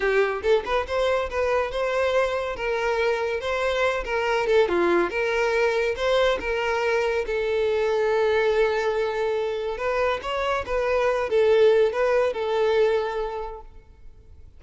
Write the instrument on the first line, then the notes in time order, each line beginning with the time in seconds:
violin
0.00 G4
0.42 A4
0.65 B4
0.87 C5
1.30 B4
1.71 C5
2.56 A#4
3.40 C5
4.04 A#4
4.47 A4
4.68 F4
5.09 A#4
5.96 C5
6.40 A#4
7.26 A4
9.77 B4
10.22 C#5
10.65 B4
11.29 A4
11.92 B4
12.33 A4